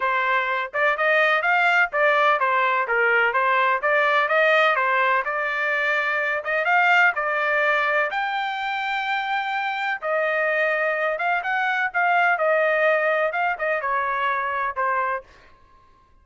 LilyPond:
\new Staff \with { instrumentName = "trumpet" } { \time 4/4 \tempo 4 = 126 c''4. d''8 dis''4 f''4 | d''4 c''4 ais'4 c''4 | d''4 dis''4 c''4 d''4~ | d''4. dis''8 f''4 d''4~ |
d''4 g''2.~ | g''4 dis''2~ dis''8 f''8 | fis''4 f''4 dis''2 | f''8 dis''8 cis''2 c''4 | }